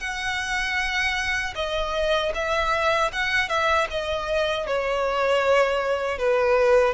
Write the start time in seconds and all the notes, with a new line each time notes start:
0.00 F#5
1.55 D#5
2.34 E5
3.12 F#5
3.48 E5
3.90 D#5
4.66 C#5
6.18 B4